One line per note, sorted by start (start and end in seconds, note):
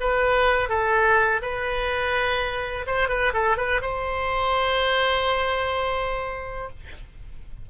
0.00 0.69 B4
0.69 1.41 A4
1.42 2.86 B4
2.86 3.08 C5
3.08 3.32 B4
3.33 3.57 A4
3.57 3.81 B4
3.81 6.69 C5